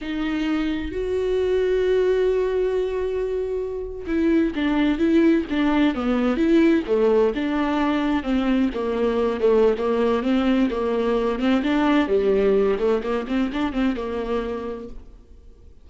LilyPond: \new Staff \with { instrumentName = "viola" } { \time 4/4 \tempo 4 = 129 dis'2 fis'2~ | fis'1~ | fis'8. e'4 d'4 e'4 d'16~ | d'8. b4 e'4 a4 d'16~ |
d'4.~ d'16 c'4 ais4~ ais16~ | ais16 a8. ais4 c'4 ais4~ | ais8 c'8 d'4 g4. a8 | ais8 c'8 d'8 c'8 ais2 | }